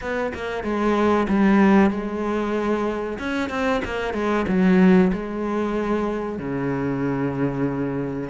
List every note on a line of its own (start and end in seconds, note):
0.01 0.32 B3
0.34 0.63 A#3
0.63 1.27 G#3
1.28 1.90 G3
1.90 3.18 G#3
3.19 3.49 C#4
3.49 3.81 C4
3.84 4.13 A#3
4.13 4.45 G#3
4.47 5.11 F#3
5.12 6.39 G#3
6.39 8.29 C#3